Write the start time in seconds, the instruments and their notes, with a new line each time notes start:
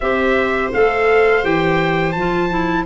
0.00 tuba C4, clarinet G4, viola C5, trumpet E5
0.73 tuba A3, clarinet A4, trumpet F5
1.42 tuba E3, clarinet G4, trumpet G5
2.12 tuba F3, clarinet F4, trumpet A5
2.49 clarinet E4